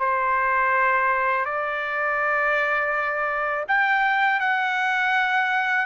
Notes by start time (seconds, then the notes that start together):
0.00 C5
1.46 D5
3.69 G5
4.40 F#5